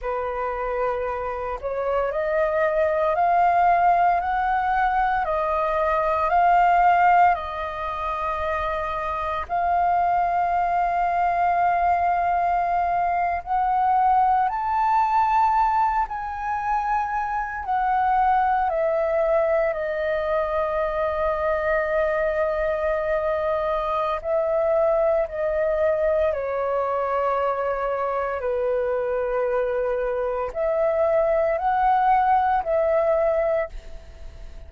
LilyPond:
\new Staff \with { instrumentName = "flute" } { \time 4/4 \tempo 4 = 57 b'4. cis''8 dis''4 f''4 | fis''4 dis''4 f''4 dis''4~ | dis''4 f''2.~ | f''8. fis''4 a''4. gis''8.~ |
gis''8. fis''4 e''4 dis''4~ dis''16~ | dis''2. e''4 | dis''4 cis''2 b'4~ | b'4 e''4 fis''4 e''4 | }